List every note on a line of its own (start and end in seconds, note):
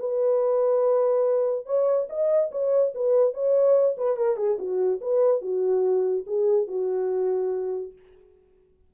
0.00 1.66 B4
1.66 2.08 C#5
2.10 2.52 D#5
2.52 2.93 C#5
2.95 3.34 B4
3.34 3.97 C#5
3.98 4.17 B4
4.17 4.37 A#4
4.37 4.58 G#4
4.59 5.01 F#4
5.01 5.42 B4
5.42 6.25 F#4
6.27 6.68 G#4
6.68 7.93 F#4